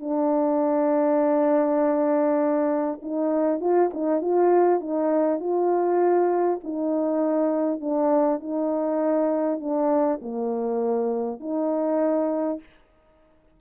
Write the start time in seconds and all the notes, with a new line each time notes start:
0.00 D4
3.02 D#4
3.60 F4
3.93 D#4
4.21 F4
4.80 D#4
5.40 F4
6.64 D#4
7.80 D4
8.40 D#4
9.60 D4
10.22 A#3
11.40 D#4